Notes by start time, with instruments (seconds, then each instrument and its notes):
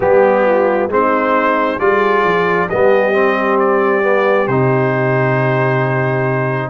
0.00 tuba G3, trombone B3, horn G4, trumpet G4
0.45 horn F4
0.87 tuba G#3, trombone C4, horn D#4, trumpet C5
1.79 tuba G3, trombone F4, horn G#4, trumpet D5
2.24 tuba F3
2.66 tuba G3, trombone B3, horn G4, trumpet D#5
3.13 trombone C4
3.59 trumpet D5
4.02 trombone B3
4.47 tuba C3, trombone D#4, trumpet C5